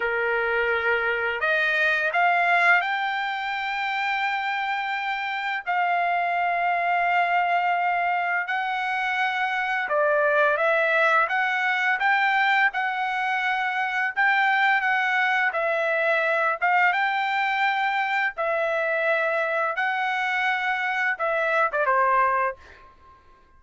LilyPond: \new Staff \with { instrumentName = "trumpet" } { \time 4/4 \tempo 4 = 85 ais'2 dis''4 f''4 | g''1 | f''1 | fis''2 d''4 e''4 |
fis''4 g''4 fis''2 | g''4 fis''4 e''4. f''8 | g''2 e''2 | fis''2 e''8. d''16 c''4 | }